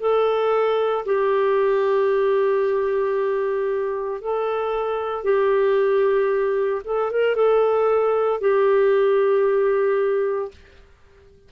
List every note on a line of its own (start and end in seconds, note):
0.00 1.05 A4
1.06 4.21 G4
4.21 5.24 A4
5.24 6.82 G4
6.85 7.11 A4
7.11 7.36 A#4
7.36 8.41 A4
8.41 10.52 G4